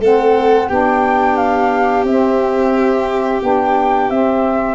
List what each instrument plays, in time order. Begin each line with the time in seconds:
0.00 tuba A3, saxophone C4, violin A4, flute F#5
0.69 tuba B3, saxophone D4, violin G4, flute G5
1.36 flute F5
2.04 tuba C4, saxophone C4, flute E5
3.42 tuba B3, saxophone D4, flute G5
4.10 saxophone C4, tuba C4, flute E5